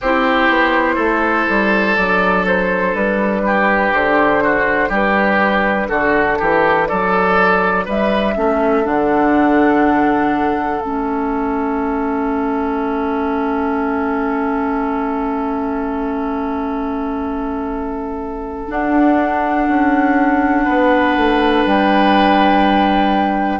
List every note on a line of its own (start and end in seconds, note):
0.01 0.49 C4
0.01 1.97 E4
0.01 0.95 G4
0.01 1.95 C5
0.49 0.97 B3
0.95 1.47 A3
0.95 3.41 A4
1.49 1.98 G3
1.95 2.94 F#3
1.95 8.35 D4
1.95 2.45 D5
2.47 2.95 C5
2.94 3.92 G3
2.94 3.92 B4
3.46 4.43 G4
3.92 4.89 D3
3.92 4.91 C5
4.43 4.89 F#4
4.89 5.88 G3
4.89 5.87 G4
4.89 5.89 B4
5.89 6.39 D3
5.89 6.38 F#4
5.89 6.87 A4
6.39 6.90 E3
6.39 6.88 G4
6.87 7.87 F#3
6.87 7.85 A4
6.87 7.85 D5
7.85 8.36 G3
7.85 8.34 B4
7.85 8.86 E5
8.35 8.85 A3
8.35 8.83 C#4
8.35 20.64 A4
8.83 10.79 D3
8.83 10.80 D4
8.83 10.81 F#5
10.79 18.66 A3
10.79 18.67 C#4
10.79 18.67 E5
18.67 23.59 D4
18.67 19.67 D4
18.67 21.65 F#5
19.68 20.66 C#4
20.64 21.17 B3
20.64 23.59 B4
21.17 21.65 A3
21.65 23.60 G3
21.65 23.60 G5